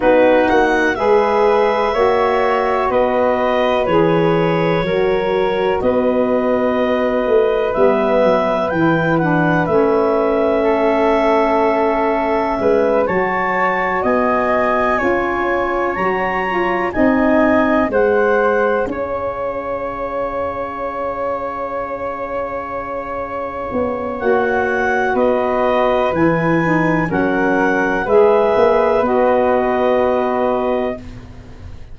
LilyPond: <<
  \new Staff \with { instrumentName = "clarinet" } { \time 4/4 \tempo 4 = 62 b'8 fis''8 e''2 dis''4 | cis''2 dis''2 | e''4 g''8 fis''8 e''2~ | e''4. a''4 gis''4.~ |
gis''8 ais''4 gis''4 fis''4 f''8~ | f''1~ | f''4 fis''4 dis''4 gis''4 | fis''4 e''4 dis''2 | }
  \new Staff \with { instrumentName = "flute" } { \time 4/4 fis'4 b'4 cis''4 b'4~ | b'4 ais'4 b'2~ | b'2. a'4~ | a'4 b'8 cis''4 dis''4 cis''8~ |
cis''4. dis''4 c''4 cis''8~ | cis''1~ | cis''2 b'2 | ais'4 b'2. | }
  \new Staff \with { instrumentName = "saxophone" } { \time 4/4 dis'4 gis'4 fis'2 | gis'4 fis'2. | b4 e'8 d'8 cis'2~ | cis'4. fis'2 f'8~ |
f'8 fis'8 f'8 dis'4 gis'4.~ | gis'1~ | gis'4 fis'2 e'8 dis'8 | cis'4 gis'4 fis'2 | }
  \new Staff \with { instrumentName = "tuba" } { \time 4/4 b8 ais8 gis4 ais4 b4 | e4 fis4 b4. a8 | g8 fis8 e4 a2~ | a4 gis8 fis4 b4 cis'8~ |
cis'8 fis4 c'4 gis4 cis'8~ | cis'1~ | cis'8 b8 ais4 b4 e4 | fis4 gis8 ais8 b2 | }
>>